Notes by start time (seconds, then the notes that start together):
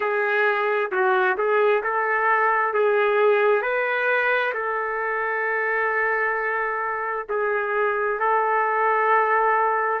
0.00 G#4
0.91 F#4
1.37 G#4
1.83 A4
2.73 G#4
3.62 B4
4.54 A4
7.29 G#4
8.19 A4